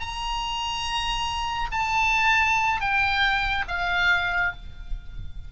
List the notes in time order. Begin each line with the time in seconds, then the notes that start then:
0.00 A#5
1.72 A5
2.81 G5
3.69 F5